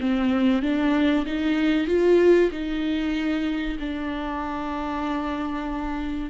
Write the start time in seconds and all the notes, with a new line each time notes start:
0.00 C4
0.62 D4
1.26 D#4
1.87 F4
2.51 D#4
3.79 D4